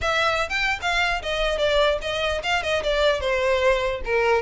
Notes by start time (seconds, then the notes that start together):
0.01 E5
0.49 G5
0.81 F5
1.22 D#5
1.58 D5
2.01 D#5
2.43 F5
2.62 D#5
2.83 D5
3.20 C5
4.05 A#4